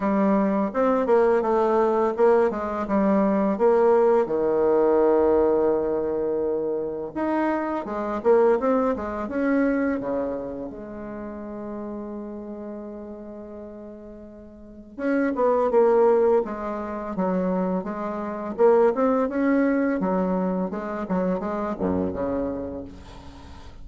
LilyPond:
\new Staff \with { instrumentName = "bassoon" } { \time 4/4 \tempo 4 = 84 g4 c'8 ais8 a4 ais8 gis8 | g4 ais4 dis2~ | dis2 dis'4 gis8 ais8 | c'8 gis8 cis'4 cis4 gis4~ |
gis1~ | gis4 cis'8 b8 ais4 gis4 | fis4 gis4 ais8 c'8 cis'4 | fis4 gis8 fis8 gis8 fis,8 cis4 | }